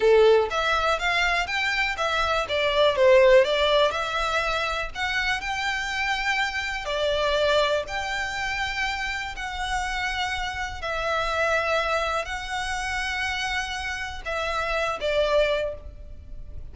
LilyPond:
\new Staff \with { instrumentName = "violin" } { \time 4/4 \tempo 4 = 122 a'4 e''4 f''4 g''4 | e''4 d''4 c''4 d''4 | e''2 fis''4 g''4~ | g''2 d''2 |
g''2. fis''4~ | fis''2 e''2~ | e''4 fis''2.~ | fis''4 e''4. d''4. | }